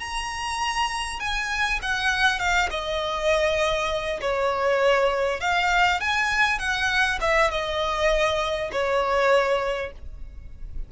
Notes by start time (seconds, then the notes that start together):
0.00 A#5
1.20 G#5
1.82 F#5
2.40 F5
2.71 D#5
4.21 C#5
5.41 F5
6.01 G#5
6.59 F#5
7.21 E5
7.51 D#5
8.72 C#5